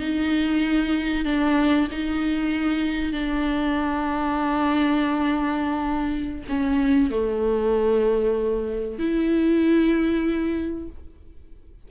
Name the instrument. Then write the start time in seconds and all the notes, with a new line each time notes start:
viola
0.00 D#4
1.25 D4
1.91 D#4
3.12 D4
6.49 C#4
7.11 A3
8.99 E4